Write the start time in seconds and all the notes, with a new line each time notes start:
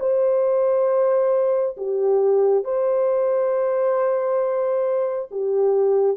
0.00 C5
1.77 G4
2.64 C5
5.31 G4